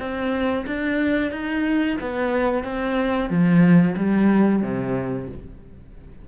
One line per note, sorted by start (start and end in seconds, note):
0.00 0.66 C4
0.67 1.32 D4
1.32 1.98 D#4
2.01 2.64 B3
2.64 3.30 C4
3.30 3.96 F3
3.97 4.63 G3
4.63 5.29 C3